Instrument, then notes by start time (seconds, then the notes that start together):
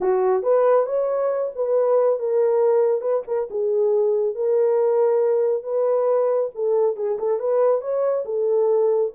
horn
0.00 F#4
0.42 B4
0.86 C#5
1.55 B4
2.19 A#4
3.01 B4
3.27 A#4
3.50 G#4
4.35 A#4
5.63 B4
6.54 A4
6.96 G#4
7.19 A4
7.39 B4
7.81 C#5
8.25 A4